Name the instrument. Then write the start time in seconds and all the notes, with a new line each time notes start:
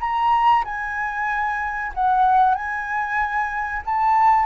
flute
0.00 A#5
0.64 G#5
1.94 F#5
2.54 G#5
3.85 A5